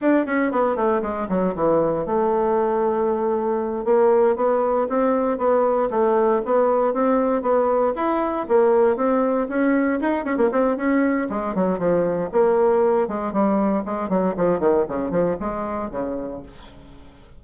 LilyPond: \new Staff \with { instrumentName = "bassoon" } { \time 4/4 \tempo 4 = 117 d'8 cis'8 b8 a8 gis8 fis8 e4 | a2.~ a8 ais8~ | ais8 b4 c'4 b4 a8~ | a8 b4 c'4 b4 e'8~ |
e'8 ais4 c'4 cis'4 dis'8 | cis'16 ais16 c'8 cis'4 gis8 fis8 f4 | ais4. gis8 g4 gis8 fis8 | f8 dis8 cis8 f8 gis4 cis4 | }